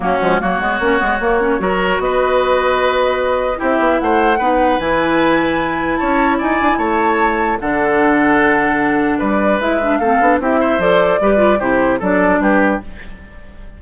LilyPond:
<<
  \new Staff \with { instrumentName = "flute" } { \time 4/4 \tempo 4 = 150 fis'4 cis''2.~ | cis''4 dis''2.~ | dis''4 e''4 fis''2 | gis''2. a''4 |
gis''4 a''2 fis''4~ | fis''2. d''4 | e''4 f''4 e''4 d''4~ | d''4 c''4 d''4 b'4 | }
  \new Staff \with { instrumentName = "oboe" } { \time 4/4 cis'4 fis'2. | ais'4 b'2.~ | b'4 g'4 c''4 b'4~ | b'2. cis''4 |
d''4 cis''2 a'4~ | a'2. b'4~ | b'4 a'4 g'8 c''4. | b'4 g'4 a'4 g'4 | }
  \new Staff \with { instrumentName = "clarinet" } { \time 4/4 ais8 gis8 ais8 b8 cis'8 b8 ais8 cis'8 | fis'1~ | fis'4 e'2 dis'4 | e'1~ |
e'2. d'4~ | d'1 | e'8 d'8 c'8 d'8 e'4 a'4 | g'8 f'8 e'4 d'2 | }
  \new Staff \with { instrumentName = "bassoon" } { \time 4/4 fis8 f8 fis8 gis8 ais8 gis8 ais4 | fis4 b2.~ | b4 c'8 b8 a4 b4 | e2. cis'4 |
dis'8 d'16 dis'16 a2 d4~ | d2. g4 | gis4 a8 b8 c'4 f4 | g4 c4 fis4 g4 | }
>>